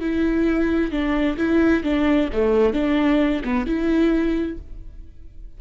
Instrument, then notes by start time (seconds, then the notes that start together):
viola
0.00 E4
0.91 D4
1.37 E4
1.83 D4
2.32 A3
2.73 D4
3.44 B3
3.66 E4